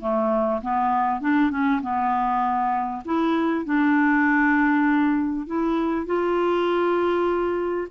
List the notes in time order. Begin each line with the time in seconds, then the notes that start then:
0.00 A3
0.62 B3
1.20 D4
1.50 C#4
1.82 B3
3.05 E4
3.65 D4
5.47 E4
6.06 F4